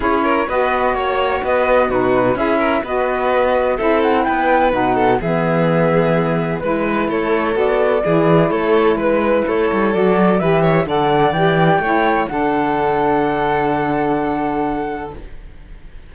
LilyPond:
<<
  \new Staff \with { instrumentName = "flute" } { \time 4/4 \tempo 4 = 127 cis''4 dis''4 cis''4 dis''4 | b'4 e''4 dis''2 | e''8 fis''8 g''4 fis''4 e''4~ | e''2 b'4 cis''4 |
d''2 cis''4 b'4 | cis''4 d''4 e''4 fis''4 | g''2 fis''2~ | fis''1 | }
  \new Staff \with { instrumentName = "violin" } { \time 4/4 gis'8 ais'8 b'4 cis''4 b'4 | fis'4 gis'8 ais'8 b'2 | a'4 b'4. a'8 gis'4~ | gis'2 b'4 a'4~ |
a'4 gis'4 a'4 b'4 | a'2 b'8 cis''8 d''4~ | d''4 cis''4 a'2~ | a'1 | }
  \new Staff \with { instrumentName = "saxophone" } { \time 4/4 e'4 fis'2. | dis'4 e'4 fis'2 | e'2 dis'4 b4~ | b2 e'2 |
fis'4 e'2.~ | e'4 fis'4 g'4 a'4 | g'4 e'4 d'2~ | d'1 | }
  \new Staff \with { instrumentName = "cello" } { \time 4/4 cis'4 b4 ais4 b4 | b,4 cis'4 b2 | c'4 b4 b,4 e4~ | e2 gis4 a4 |
b4 e4 a4 gis4 | a8 g8 fis4 e4 d4 | e4 a4 d2~ | d1 | }
>>